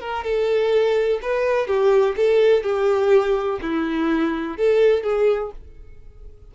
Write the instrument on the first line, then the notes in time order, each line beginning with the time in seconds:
violin
0.00 A#4
0.24 A4
1.22 B4
1.67 G4
2.16 A4
2.63 G4
3.62 E4
4.57 A4
5.03 G#4